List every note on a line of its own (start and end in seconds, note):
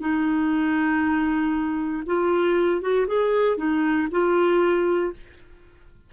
0.00 2.03 D#4
2.06 2.81 F4
2.81 3.06 F#4
3.07 3.57 G#4
3.57 4.08 D#4
4.10 5.12 F4